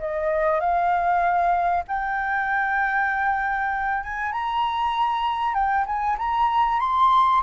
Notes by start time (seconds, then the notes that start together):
0.00 D#5
0.60 F5
1.88 G5
4.04 G#5
4.33 A#5
5.54 G5
5.87 G#5
6.19 A#5
6.80 C6